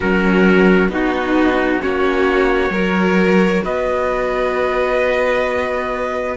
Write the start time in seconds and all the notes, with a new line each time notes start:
0.00 F#3 C#4 F#4 A#4
0.88 B3 D#4 F#4
1.79 A#3 C#4 F#4 C#5
2.70 F#3 A#4
2.77 F#4
3.64 B3 B4 D#5